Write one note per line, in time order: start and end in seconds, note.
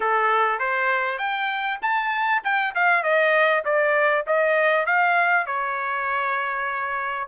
0.00 0.59 A4
0.59 1.18 C5
1.18 1.79 G5
1.82 2.42 A5
2.44 2.74 G5
2.74 3.03 F5
3.03 3.63 D#5
3.64 4.25 D5
4.26 4.86 D#5
4.86 5.46 F5
5.46 7.27 C#5